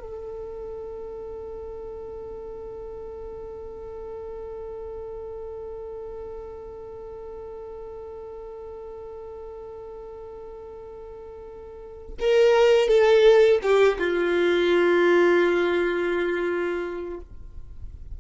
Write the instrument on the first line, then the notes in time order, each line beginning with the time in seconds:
violin
0.00 A4
12.20 A#4
12.88 A4
13.63 G4
13.99 F4